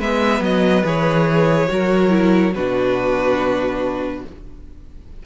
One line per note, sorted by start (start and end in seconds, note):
0.00 0.41 G#3
0.00 0.85 B3
0.00 1.69 B4
0.00 0.43 E5
0.41 0.83 F#3
0.41 0.86 D#5
0.84 1.69 E3
0.84 1.69 G#4
0.84 2.55 C#5
1.69 2.55 F#3
1.69 2.10 F#4
1.69 2.55 A#4
2.10 2.52 E4
2.55 4.24 B2
2.55 4.26 D4
2.55 4.24 F#4
2.55 4.24 B4